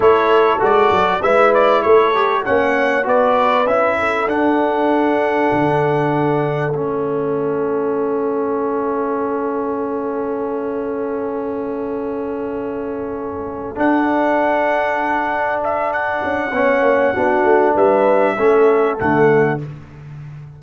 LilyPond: <<
  \new Staff \with { instrumentName = "trumpet" } { \time 4/4 \tempo 4 = 98 cis''4 d''4 e''8 d''8 cis''4 | fis''4 d''4 e''4 fis''4~ | fis''2. e''4~ | e''1~ |
e''1~ | e''2~ e''8 fis''4.~ | fis''4. e''8 fis''2~ | fis''4 e''2 fis''4 | }
  \new Staff \with { instrumentName = "horn" } { \time 4/4 a'2 b'4 a'4 | cis''4 b'4. a'4.~ | a'1~ | a'1~ |
a'1~ | a'1~ | a'2. cis''4 | fis'4 b'4 a'2 | }
  \new Staff \with { instrumentName = "trombone" } { \time 4/4 e'4 fis'4 e'4. g'8 | cis'4 fis'4 e'4 d'4~ | d'2. cis'4~ | cis'1~ |
cis'1~ | cis'2~ cis'8 d'4.~ | d'2. cis'4 | d'2 cis'4 a4 | }
  \new Staff \with { instrumentName = "tuba" } { \time 4/4 a4 gis8 fis8 gis4 a4 | ais4 b4 cis'4 d'4~ | d'4 d2 a4~ | a1~ |
a1~ | a2~ a8 d'4.~ | d'2~ d'8 cis'8 b8 ais8 | b8 a8 g4 a4 d4 | }
>>